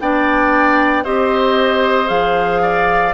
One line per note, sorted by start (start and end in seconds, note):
0.00 1.05 B3
0.00 1.05 D4
0.00 1.04 D5
0.00 1.05 G5
1.04 2.09 C4
1.04 2.06 G4
1.04 2.62 C5
1.04 2.08 D#5
2.06 3.14 F3
2.06 3.12 G#4
2.06 3.14 F5
2.62 3.14 D5